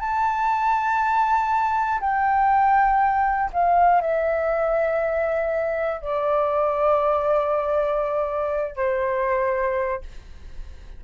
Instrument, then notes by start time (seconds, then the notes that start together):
flute
0.00 A5
2.00 G5
3.52 F5
4.01 E5
6.01 D5
8.76 C5